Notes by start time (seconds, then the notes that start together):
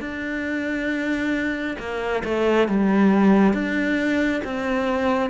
0.00 D4
1.78 A#3
2.24 A3
2.68 G3
3.53 D4
4.44 C4